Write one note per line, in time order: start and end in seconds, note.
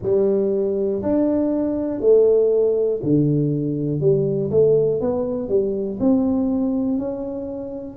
0.02 1.02 G3
1.02 2.00 D4
2.00 3.00 A3
3.02 4.00 D3
4.00 4.50 G3
4.50 5.00 A3
5.00 5.49 B3
5.49 5.99 G3
6.00 6.98 C4
6.98 7.96 C#4